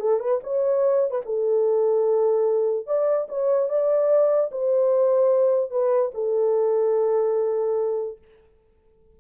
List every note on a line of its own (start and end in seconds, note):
0.00 0.19 A4
0.19 0.40 B4
0.43 1.11 C#5
1.11 1.21 B4
1.25 2.86 A4
2.86 3.27 D5
3.28 3.69 C#5
3.69 4.51 D5
4.51 5.71 C5
5.71 6.12 B4
6.14 8.18 A4